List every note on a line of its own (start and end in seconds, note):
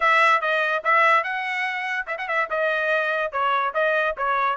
0.00 0.41 E5
0.41 0.82 D#5
0.84 1.23 E5
1.23 2.06 F#5
2.07 2.17 E5
2.18 2.28 F#5
2.28 2.48 E5
2.49 3.32 D#5
3.32 3.73 C#5
3.74 4.15 D#5
4.17 4.56 C#5